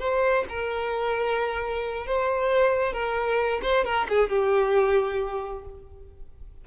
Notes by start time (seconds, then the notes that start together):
0.00 C5
0.49 A#4
2.07 C5
2.93 A#4
3.63 C5
3.85 A#4
4.09 G#4
4.30 G4